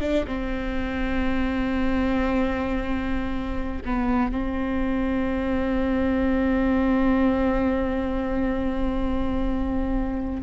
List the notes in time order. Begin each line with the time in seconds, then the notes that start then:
0.00 D4
0.27 C4
3.85 B3
4.31 C4